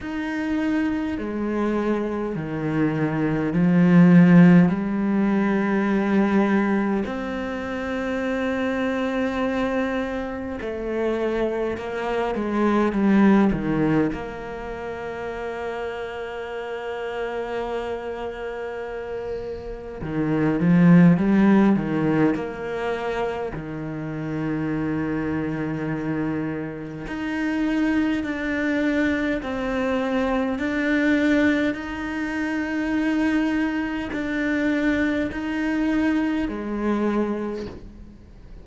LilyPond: \new Staff \with { instrumentName = "cello" } { \time 4/4 \tempo 4 = 51 dis'4 gis4 dis4 f4 | g2 c'2~ | c'4 a4 ais8 gis8 g8 dis8 | ais1~ |
ais4 dis8 f8 g8 dis8 ais4 | dis2. dis'4 | d'4 c'4 d'4 dis'4~ | dis'4 d'4 dis'4 gis4 | }